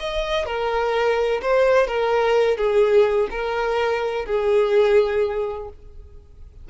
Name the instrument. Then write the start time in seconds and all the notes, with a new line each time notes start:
violin
0.00 D#5
0.46 A#4
1.42 C5
1.87 A#4
2.58 G#4
3.31 A#4
4.26 G#4